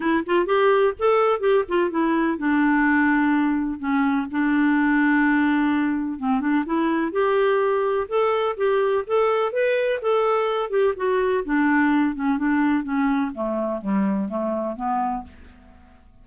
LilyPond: \new Staff \with { instrumentName = "clarinet" } { \time 4/4 \tempo 4 = 126 e'8 f'8 g'4 a'4 g'8 f'8 | e'4 d'2. | cis'4 d'2.~ | d'4 c'8 d'8 e'4 g'4~ |
g'4 a'4 g'4 a'4 | b'4 a'4. g'8 fis'4 | d'4. cis'8 d'4 cis'4 | a4 g4 a4 b4 | }